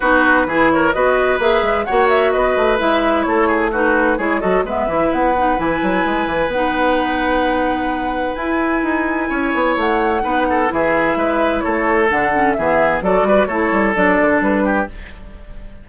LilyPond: <<
  \new Staff \with { instrumentName = "flute" } { \time 4/4 \tempo 4 = 129 b'4. cis''8 dis''4 e''4 | fis''8 e''8 dis''4 e''4 cis''4 | b'4 cis''8 dis''8 e''4 fis''4 | gis''2 fis''2~ |
fis''2 gis''2~ | gis''4 fis''2 e''4~ | e''4 cis''4 fis''4 e''4 | d''4 cis''4 d''4 b'4 | }
  \new Staff \with { instrumentName = "oboe" } { \time 4/4 fis'4 gis'8 ais'8 b'2 | cis''4 b'2 a'8 gis'8 | fis'4 gis'8 a'8 b'2~ | b'1~ |
b'1 | cis''2 b'8 a'8 gis'4 | b'4 a'2 gis'4 | a'8 b'8 a'2~ a'8 g'8 | }
  \new Staff \with { instrumentName = "clarinet" } { \time 4/4 dis'4 e'4 fis'4 gis'4 | fis'2 e'2 | dis'4 e'8 fis'8 b8 e'4 dis'8 | e'2 dis'2~ |
dis'2 e'2~ | e'2 dis'4 e'4~ | e'2 d'8 cis'8 b4 | fis'4 e'4 d'2 | }
  \new Staff \with { instrumentName = "bassoon" } { \time 4/4 b4 e4 b4 ais8 gis8 | ais4 b8 a8 gis4 a4~ | a4 gis8 fis8 gis8 e8 b4 | e8 fis8 gis8 e8 b2~ |
b2 e'4 dis'4 | cis'8 b8 a4 b4 e4 | gis4 a4 d4 e4 | fis8 g8 a8 g8 fis8 d8 g4 | }
>>